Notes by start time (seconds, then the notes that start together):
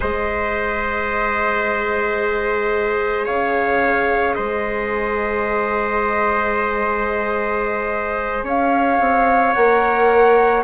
0.00 G#3 G#4 C5 D#5
3.25 C#3 C#5 F5
4.34 G#3 C5 D#5
8.43 C#4 C#5 F5
9.00 C4
9.53 A#3 A#4 F#5